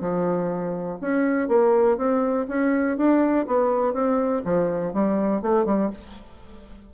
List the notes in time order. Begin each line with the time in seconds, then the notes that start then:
0.00 F3
1.01 C#4
1.48 A#3
1.97 C4
2.48 C#4
2.97 D4
3.47 B3
3.93 C4
4.45 F3
4.93 G3
5.42 A3
5.65 G3